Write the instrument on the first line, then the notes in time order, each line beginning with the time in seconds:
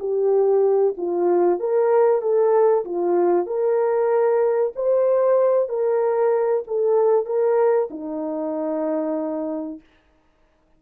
horn
0.00 G4
0.97 F4
1.60 A#4
2.22 A4
2.85 F4
3.47 A#4
4.76 C5
5.69 A#4
6.67 A4
7.26 A#4
7.91 D#4